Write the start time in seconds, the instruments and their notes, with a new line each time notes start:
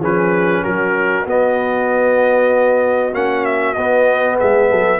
0.00 tuba F3, trombone C#4, horn G#4, trumpet B4
0.62 tuba F#3, horn F#4, trumpet A#4
1.26 tuba B3, trombone B3, trumpet D#5
3.13 tuba A#3, trombone C#4, trumpet F#5
3.45 trumpet E5
3.74 tuba B3, trombone B3, trumpet D#5
4.38 tuba G#3, horn G#4, trumpet E5
4.70 tuba F#3, horn A4